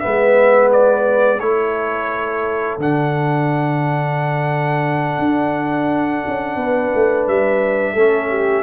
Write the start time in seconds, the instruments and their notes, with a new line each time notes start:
0.00 trombone B3, horn B4, trumpet E5
0.06 tuba G#3
0.73 trumpet D5
1.40 tuba A3, trombone E4, horn A4, trumpet C#5
2.78 tuba D3, trombone D4, trumpet F#5
5.19 tuba D4
6.28 tuba C#4
6.56 tuba B3, horn B4
6.95 tuba A3
7.28 tuba G3, trumpet E5
7.94 tuba A3, trombone C#4, horn A4
8.30 horn G4